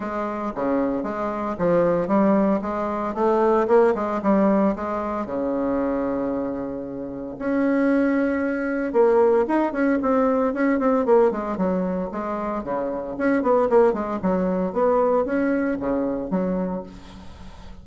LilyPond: \new Staff \with { instrumentName = "bassoon" } { \time 4/4 \tempo 4 = 114 gis4 cis4 gis4 f4 | g4 gis4 a4 ais8 gis8 | g4 gis4 cis2~ | cis2 cis'2~ |
cis'4 ais4 dis'8 cis'8 c'4 | cis'8 c'8 ais8 gis8 fis4 gis4 | cis4 cis'8 b8 ais8 gis8 fis4 | b4 cis'4 cis4 fis4 | }